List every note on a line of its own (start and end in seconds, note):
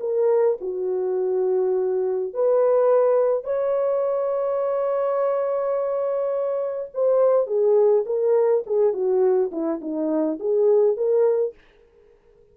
0.00 0.58 A#4
0.61 2.34 F#4
2.34 3.44 B4
3.44 6.90 C#5
6.94 7.47 C5
7.47 8.05 G#4
8.06 8.64 A#4
8.66 8.93 G#4
8.93 9.51 F#4
9.52 9.81 E4
9.81 10.39 D#4
10.40 10.97 G#4
10.97 11.55 A#4